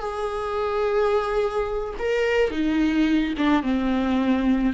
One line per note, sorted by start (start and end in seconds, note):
0.00 1.94 G#4
1.99 2.51 A#4
2.51 3.34 D#4
3.38 3.63 D4
3.63 4.74 C4